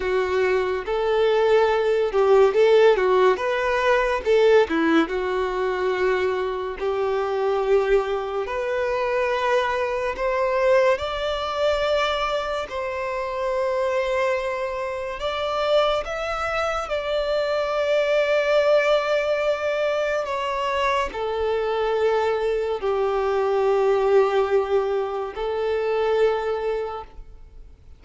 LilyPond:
\new Staff \with { instrumentName = "violin" } { \time 4/4 \tempo 4 = 71 fis'4 a'4. g'8 a'8 fis'8 | b'4 a'8 e'8 fis'2 | g'2 b'2 | c''4 d''2 c''4~ |
c''2 d''4 e''4 | d''1 | cis''4 a'2 g'4~ | g'2 a'2 | }